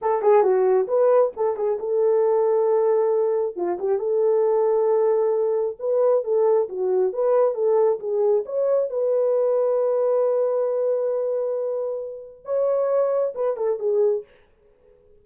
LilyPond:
\new Staff \with { instrumentName = "horn" } { \time 4/4 \tempo 4 = 135 a'8 gis'8 fis'4 b'4 a'8 gis'8 | a'1 | f'8 g'8 a'2.~ | a'4 b'4 a'4 fis'4 |
b'4 a'4 gis'4 cis''4 | b'1~ | b'1 | cis''2 b'8 a'8 gis'4 | }